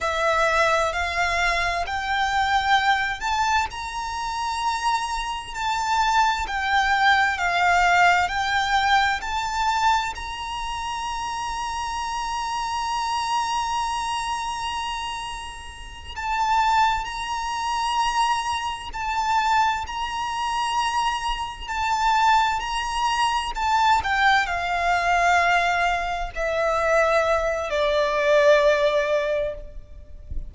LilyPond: \new Staff \with { instrumentName = "violin" } { \time 4/4 \tempo 4 = 65 e''4 f''4 g''4. a''8 | ais''2 a''4 g''4 | f''4 g''4 a''4 ais''4~ | ais''1~ |
ais''4. a''4 ais''4.~ | ais''8 a''4 ais''2 a''8~ | a''8 ais''4 a''8 g''8 f''4.~ | f''8 e''4. d''2 | }